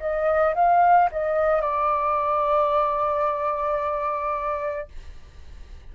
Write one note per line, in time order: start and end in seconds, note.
0.00 0.55 D#5
0.55 1.10 F5
1.12 1.61 D#5
1.61 4.88 D5